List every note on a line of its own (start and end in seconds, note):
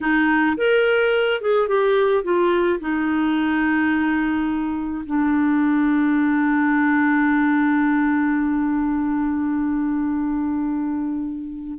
0.00 0.56 D#4
0.57 1.41 A#4
1.41 1.68 G#4
1.68 2.23 G4
2.23 2.79 F4
2.80 5.04 D#4
5.05 11.78 D4